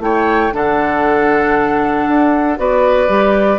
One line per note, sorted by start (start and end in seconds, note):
0.00 0.51 A3
0.00 0.52 E4
0.00 0.54 C#5
0.00 0.55 G5
0.52 2.08 D3
0.52 2.57 D4
0.52 2.60 A4
0.52 2.59 F#5
2.08 2.58 D4
2.57 3.09 B3
2.57 3.08 F#4
2.57 3.59 B4
2.57 3.59 D5
3.09 3.59 G3
3.09 3.59 G4